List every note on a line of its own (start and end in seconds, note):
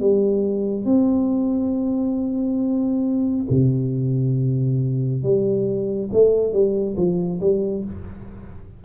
0.00 0.85 G3
0.85 3.46 C4
3.50 5.23 C3
5.23 6.10 G3
6.13 6.53 A3
6.53 6.96 G3
6.97 7.40 F3
7.41 7.84 G3